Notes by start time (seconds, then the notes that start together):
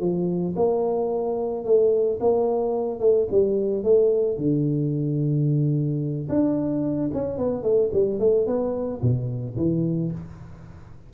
0.00 F3
0.56 A#3
1.64 A3
2.20 A#3
3.00 A3
3.31 G3
3.84 A3
4.37 D3
6.29 D4
7.13 C#4
7.38 B3
7.63 A3
7.93 G3
8.19 A3
8.46 B3
9.02 B2
9.57 E3